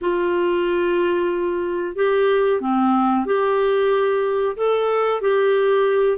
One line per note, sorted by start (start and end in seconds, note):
0.01 1.95 F4
1.95 2.60 G4
2.61 3.25 C4
3.25 4.56 G4
4.56 5.21 A4
5.21 6.18 G4